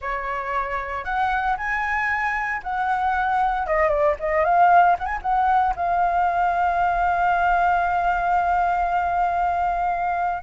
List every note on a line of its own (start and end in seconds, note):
0.01 1.04 C#5
1.04 1.56 F#5
1.57 2.61 G#5
2.63 3.66 F#5
3.66 3.89 D#5
3.89 4.15 D5
4.19 4.44 D#5
4.44 4.96 F5
4.98 5.05 F#5
5.05 5.18 G#5
5.22 5.74 F#5
5.76 10.43 F5